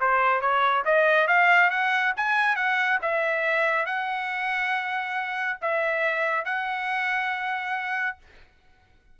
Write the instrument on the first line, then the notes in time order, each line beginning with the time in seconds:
trumpet
0.00 C5
0.41 C#5
0.85 D#5
1.27 F5
1.70 F#5
2.16 G#5
2.55 F#5
3.02 E5
3.86 F#5
5.61 E5
6.45 F#5